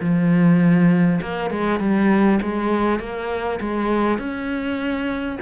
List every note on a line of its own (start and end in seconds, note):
0.00 1.20 F3
1.21 1.50 A#3
1.50 1.79 G#3
1.79 2.39 G3
2.42 2.99 G#3
2.99 3.59 A#3
3.60 4.18 G#3
4.18 5.38 C#4